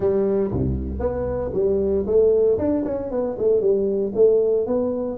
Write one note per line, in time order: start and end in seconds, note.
0.00 0.51 G3
0.51 0.99 C2
0.99 1.51 B3
1.53 2.05 G3
2.06 2.57 A3
2.58 2.84 D4
2.84 3.10 C#4
3.10 3.36 B3
3.38 3.60 A3
3.60 4.12 G3
4.14 4.66 A3
4.66 5.17 B3